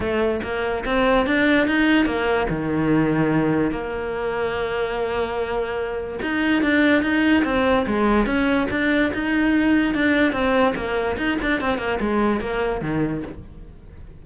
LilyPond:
\new Staff \with { instrumentName = "cello" } { \time 4/4 \tempo 4 = 145 a4 ais4 c'4 d'4 | dis'4 ais4 dis2~ | dis4 ais2.~ | ais2. dis'4 |
d'4 dis'4 c'4 gis4 | cis'4 d'4 dis'2 | d'4 c'4 ais4 dis'8 d'8 | c'8 ais8 gis4 ais4 dis4 | }